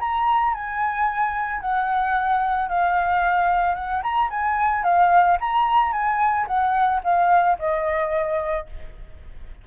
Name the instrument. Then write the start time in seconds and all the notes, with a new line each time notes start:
flute
0.00 A#5
0.54 G#5
1.61 F#5
2.69 F5
3.75 F#5
4.03 A#5
4.30 G#5
4.84 F5
5.41 A#5
5.92 G#5
6.47 F#5
7.04 F5
7.59 D#5